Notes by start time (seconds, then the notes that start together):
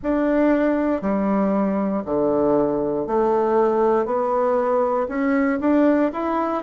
0.02 D4
1.01 G3
2.05 D3
3.06 A3
4.05 B3
5.08 C#4
5.60 D4
6.12 E4